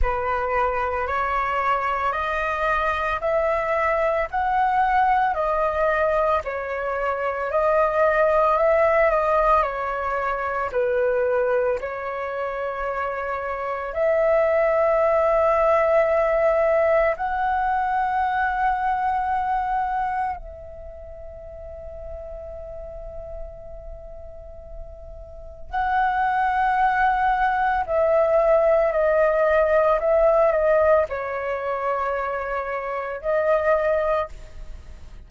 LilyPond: \new Staff \with { instrumentName = "flute" } { \time 4/4 \tempo 4 = 56 b'4 cis''4 dis''4 e''4 | fis''4 dis''4 cis''4 dis''4 | e''8 dis''8 cis''4 b'4 cis''4~ | cis''4 e''2. |
fis''2. e''4~ | e''1 | fis''2 e''4 dis''4 | e''8 dis''8 cis''2 dis''4 | }